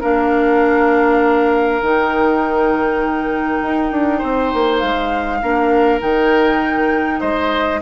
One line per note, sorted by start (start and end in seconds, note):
0.00 1.81 A#3
0.00 1.81 D4
0.00 4.18 A#4
0.00 1.82 F5
1.81 3.61 D#3
1.81 5.42 D#4
1.81 4.79 G5
3.62 3.91 D#4
3.91 4.21 D4
4.18 4.53 C4
4.18 5.38 C5
4.53 4.82 A#3
4.79 5.42 G#3
4.79 5.99 F5
5.42 6.02 A#3
5.42 6.00 D4
5.42 7.20 A#4
6.00 7.21 D#3
6.00 7.80 D#4
6.00 7.20 G5
7.20 7.81 G#3
7.20 7.80 C5
7.20 7.80 D#5